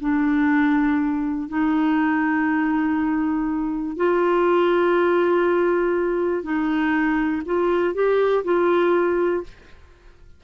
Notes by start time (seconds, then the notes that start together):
0.00 D4
1.49 D#4
3.96 F4
6.43 D#4
7.45 F4
7.94 G4
8.44 F4